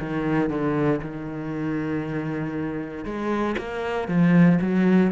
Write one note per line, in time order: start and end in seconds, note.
0.00 0.50 D#3
0.50 1.01 D3
1.02 3.05 D#3
3.05 3.56 G#3
3.58 4.08 A#3
4.08 4.59 F3
4.61 5.12 F#3